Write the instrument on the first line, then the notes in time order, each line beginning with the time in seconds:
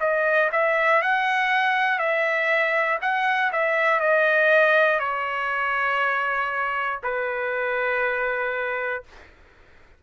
trumpet
0.00 D#5
0.52 E5
1.02 F#5
1.99 E5
3.01 F#5
3.52 E5
4.00 D#5
5.00 C#5
7.03 B4